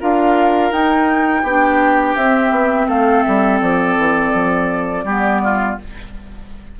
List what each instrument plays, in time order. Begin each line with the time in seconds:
0.00 bassoon D4, clarinet F4, oboe A#4, flute F5
0.71 bassoon D#4, clarinet D#4, flute G5
1.42 bassoon B3, oboe G4
1.49 clarinet D4
2.15 bassoon C4, clarinet C4, flute E5
2.50 bassoon B3
2.87 bassoon A3, oboe A4, flute F5
3.23 bassoon G3, flute E5
3.61 bassoon F3, flute D5
3.97 bassoon E3
4.33 bassoon F3
5.04 bassoon G3, clarinet B3, oboe G4
5.43 oboe F4